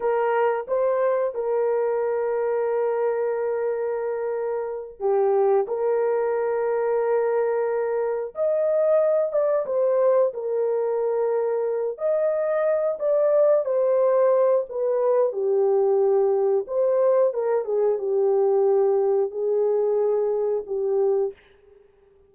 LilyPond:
\new Staff \with { instrumentName = "horn" } { \time 4/4 \tempo 4 = 90 ais'4 c''4 ais'2~ | ais'2.~ ais'8 g'8~ | g'8 ais'2.~ ais'8~ | ais'8 dis''4. d''8 c''4 ais'8~ |
ais'2 dis''4. d''8~ | d''8 c''4. b'4 g'4~ | g'4 c''4 ais'8 gis'8 g'4~ | g'4 gis'2 g'4 | }